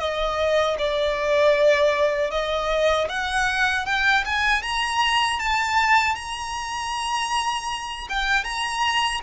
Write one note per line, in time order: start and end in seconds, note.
0.00 0.77 D#5
0.79 2.31 D5
2.31 3.08 D#5
3.09 3.86 F#5
3.86 4.24 G5
4.26 4.63 G#5
4.63 5.40 A#5
5.40 6.15 A5
6.15 8.08 A#5
8.09 8.44 G5
8.44 9.21 A#5